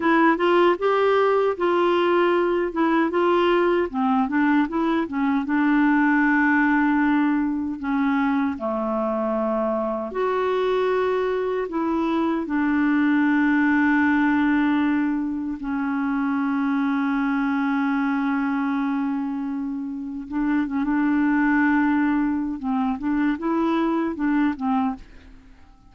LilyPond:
\new Staff \with { instrumentName = "clarinet" } { \time 4/4 \tempo 4 = 77 e'8 f'8 g'4 f'4. e'8 | f'4 c'8 d'8 e'8 cis'8 d'4~ | d'2 cis'4 a4~ | a4 fis'2 e'4 |
d'1 | cis'1~ | cis'2 d'8 cis'16 d'4~ d'16~ | d'4 c'8 d'8 e'4 d'8 c'8 | }